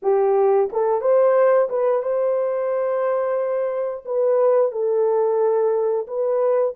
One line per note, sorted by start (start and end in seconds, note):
0.02 0.70 G4
0.72 1.01 A4
1.01 1.68 C5
1.69 2.02 B4
2.02 4.04 C5
4.04 4.71 B4
4.71 6.06 A4
6.07 6.74 B4